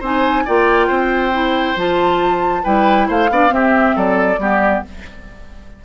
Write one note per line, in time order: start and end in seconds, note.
0.00 0.45 C4
0.00 0.47 D#4
0.00 0.44 C5
0.00 0.48 G#5
0.46 0.90 A#3
0.46 1.32 F4
0.46 0.88 D5
0.46 1.79 G5
0.88 1.77 C4
0.88 2.63 C5
1.32 1.76 E4
1.77 2.64 F3
1.77 2.65 F4
1.77 2.65 A5
2.64 3.09 G3
2.64 3.30 E4
2.64 3.08 B4
2.64 3.09 G5
3.08 3.30 A3
3.08 3.30 C5
3.08 3.54 F5
3.30 3.51 B3
3.30 3.49 D4
3.30 3.54 D5
3.49 4.37 C4
3.49 3.95 C4
3.49 3.96 G4
3.49 3.98 E5
3.96 4.38 F#3
3.96 4.40 A4
3.96 4.85 D5
4.38 4.82 G3
4.38 4.85 B3
4.38 4.85 G4